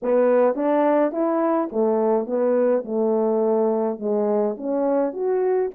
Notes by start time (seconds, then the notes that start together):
0.02 B3
0.55 D4
1.11 E4
1.72 A3
2.26 B3
2.84 A3
3.98 G#3
4.57 C#4
5.13 F#4